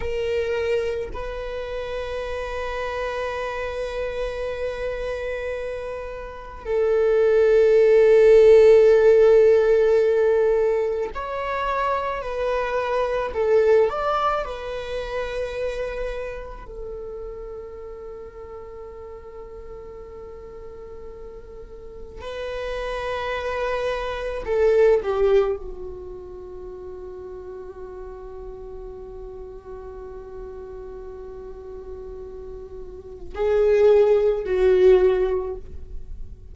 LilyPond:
\new Staff \with { instrumentName = "viola" } { \time 4/4 \tempo 4 = 54 ais'4 b'2.~ | b'2 a'2~ | a'2 cis''4 b'4 | a'8 d''8 b'2 a'4~ |
a'1 | b'2 a'8 g'8 fis'4~ | fis'1~ | fis'2 gis'4 fis'4 | }